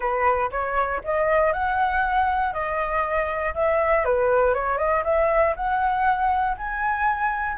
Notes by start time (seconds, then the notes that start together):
0.00 B4
0.51 C#5
1.03 D#5
1.52 F#5
2.53 D#5
3.54 E5
4.05 B4
4.54 C#5
4.78 D#5
5.04 E5
5.56 F#5
6.57 G#5